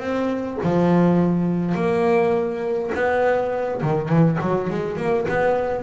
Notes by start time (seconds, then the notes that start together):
0.00 C4
0.63 F3
1.75 A#3
2.94 B3
3.82 D#3
4.09 E3
4.41 F#3
4.70 G#3
4.97 A#3
5.29 B3